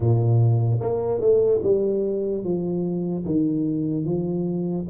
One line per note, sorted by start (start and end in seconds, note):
0.00 0.80 A#2
0.80 1.20 A#3
1.20 1.61 A3
1.62 2.43 G3
2.43 3.24 F3
3.25 4.05 D#3
4.05 4.86 F3